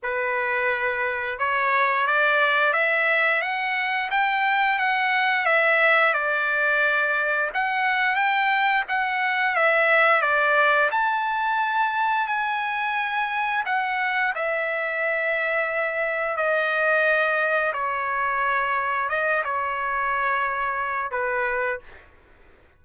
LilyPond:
\new Staff \with { instrumentName = "trumpet" } { \time 4/4 \tempo 4 = 88 b'2 cis''4 d''4 | e''4 fis''4 g''4 fis''4 | e''4 d''2 fis''4 | g''4 fis''4 e''4 d''4 |
a''2 gis''2 | fis''4 e''2. | dis''2 cis''2 | dis''8 cis''2~ cis''8 b'4 | }